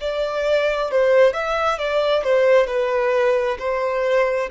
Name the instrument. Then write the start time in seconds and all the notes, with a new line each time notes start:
violin
0.00 D5
0.91 C5
1.33 E5
1.78 D5
2.24 C5
2.67 B4
3.59 C5